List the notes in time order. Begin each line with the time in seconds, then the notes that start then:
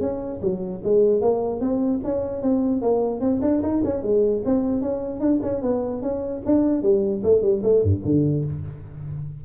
0.00 C#4
0.41 F#3
0.84 G#3
1.21 A#3
1.60 C4
2.04 C#4
2.42 C4
2.81 A#3
3.20 C4
3.41 D4
3.62 D#4
3.84 C#4
4.02 G#3
4.45 C4
4.81 C#4
5.20 D4
5.42 C#4
5.61 B3
6.01 C#4
6.45 D4
6.82 G3
7.23 A3
7.41 G3
7.63 A3
7.83 G2
8.05 D3